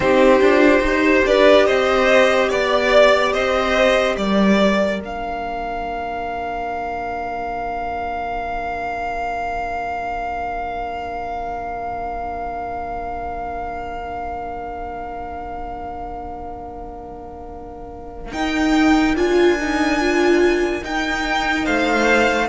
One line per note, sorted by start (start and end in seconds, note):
0.00 0.40 C4
0.00 0.42 D#4
0.00 0.85 G4
0.00 1.23 C5
0.40 0.80 D4
0.40 0.83 F4
0.80 1.21 D#4
0.80 5.00 G4
0.86 1.27 C5
1.25 1.66 D4
1.25 1.65 B4
1.25 1.66 D5
1.65 2.51 C4
1.65 2.49 C5
1.65 2.49 D#5
2.49 3.34 B3
2.49 3.32 D5
2.49 3.33 D5
3.33 4.16 C4
3.33 4.16 C5
3.33 4.16 D#5
4.16 4.99 G3
4.16 21.65 A#4
4.16 5.00 D5
4.99 18.32 A#3
4.99 18.33 D4
4.99 18.32 F5
18.32 19.15 D#4
18.32 19.16 D#4
18.32 19.15 G5
19.15 20.82 D4
19.15 19.58 F4
19.15 20.83 G#5
19.60 20.00 D#4
20.00 20.82 F4
20.82 22.49 D#4
20.82 21.66 D#4
20.82 21.65 G5
21.65 22.49 A3
21.65 22.48 C5
21.65 22.49 F5